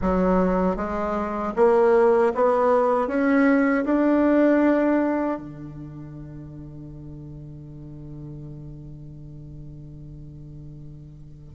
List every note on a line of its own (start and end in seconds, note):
0.01 0.76 F#3
0.76 1.53 G#3
1.56 2.33 A#3
2.35 3.07 B3
3.07 3.84 C#4
3.84 5.38 D4
5.38 11.53 D3